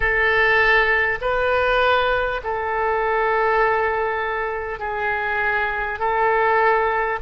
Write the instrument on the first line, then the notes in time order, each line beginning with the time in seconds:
oboe
0.00 A4
1.21 B4
2.43 A4
4.79 G#4
5.99 A4